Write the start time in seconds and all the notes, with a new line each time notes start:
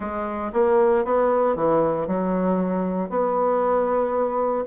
0.00 G#3
0.53 A#3
1.04 B3
1.55 E3
2.07 F#3
3.09 B3